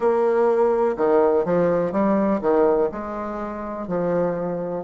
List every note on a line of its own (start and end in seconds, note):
0.00 0.96 A#3
0.96 1.45 D#3
1.45 1.91 F3
1.91 2.40 G3
2.41 2.89 D#3
2.91 3.87 G#3
3.87 4.83 F3